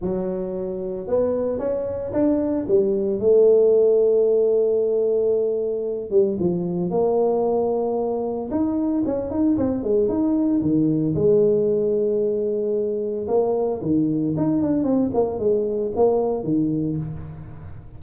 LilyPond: \new Staff \with { instrumentName = "tuba" } { \time 4/4 \tempo 4 = 113 fis2 b4 cis'4 | d'4 g4 a2~ | a2.~ a8 g8 | f4 ais2. |
dis'4 cis'8 dis'8 c'8 gis8 dis'4 | dis4 gis2.~ | gis4 ais4 dis4 dis'8 d'8 | c'8 ais8 gis4 ais4 dis4 | }